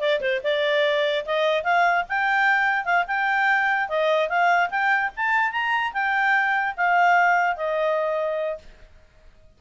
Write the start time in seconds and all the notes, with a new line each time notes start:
0.00 D5
0.21 C5
0.43 D5
1.26 D#5
1.64 F5
2.09 G5
2.85 F5
3.07 G5
3.89 D#5
4.29 F5
4.70 G5
5.16 A5
5.51 A#5
5.93 G5
6.77 F5
7.56 D#5